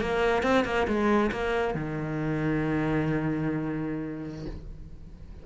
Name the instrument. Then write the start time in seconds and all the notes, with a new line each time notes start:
cello
0.00 A#3
0.42 C4
0.65 A#3
0.87 G#3
1.31 A#3
1.74 D#3